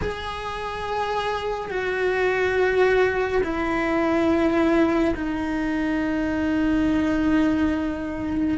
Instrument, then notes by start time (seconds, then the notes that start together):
cello
0.01 G#4
1.70 F#4
3.43 E4
5.15 D#4